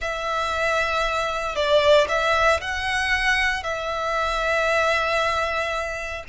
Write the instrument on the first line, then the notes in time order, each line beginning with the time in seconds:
violin
0.01 E5
1.55 D5
2.08 E5
2.61 F#5
3.63 E5